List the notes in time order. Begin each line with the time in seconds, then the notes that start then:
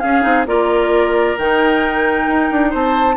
0.00 C#4 G#4 F5
0.21 C4 D#4
0.46 A#3 F4 A#4 D5
1.38 D#3 D#4 G5
2.27 D#4
2.51 D4
2.70 C4 C5 A5